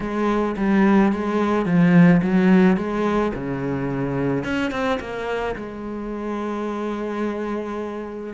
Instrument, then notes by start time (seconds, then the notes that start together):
cello
0.00 G#3
0.56 G3
1.12 G#3
1.65 F3
2.22 F#3
2.77 G#3
3.34 C#3
4.44 C#4
4.71 C4
4.99 A#3
5.55 G#3